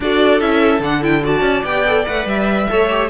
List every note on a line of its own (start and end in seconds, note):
0.00 0.41 D4
0.00 0.40 F#4
0.00 1.23 A4
0.00 0.40 D5
0.40 0.79 C#4
0.40 0.81 E4
0.40 0.81 E5
0.79 1.41 D3
0.79 1.01 D4
0.79 1.03 F#5
1.01 1.22 E4
1.01 1.24 G5
1.23 1.64 F#4
1.23 2.68 D5
1.23 1.64 A5
1.41 1.62 C#4
1.64 2.05 B3
1.64 1.86 G4
1.64 2.05 G5
1.86 2.06 A4
2.06 2.25 A3
2.06 2.68 B4
2.06 2.27 F#5
2.25 2.67 G3
2.25 3.10 E5
2.68 3.10 A3
2.68 2.89 A4
2.68 3.10 C#5
2.89 3.10 G4